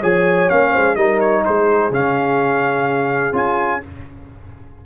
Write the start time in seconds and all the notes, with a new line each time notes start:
0.00 F3 G#4 C#5 G#5
0.49 A#3 C#4 F5
0.71 G#3 C5
0.95 G3 D#4 A#4 D#5
1.20 C#5
1.45 G#3 G#4 C5
1.90 C#3 C#4 F5
3.32 C#4 F4 G#5